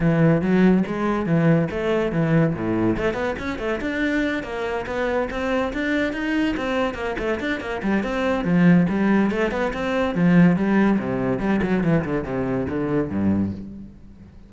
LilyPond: \new Staff \with { instrumentName = "cello" } { \time 4/4 \tempo 4 = 142 e4 fis4 gis4 e4 | a4 e4 a,4 a8 b8 | cis'8 a8 d'4. ais4 b8~ | b8 c'4 d'4 dis'4 c'8~ |
c'8 ais8 a8 d'8 ais8 g8 c'4 | f4 g4 a8 b8 c'4 | f4 g4 c4 g8 fis8 | e8 d8 c4 d4 g,4 | }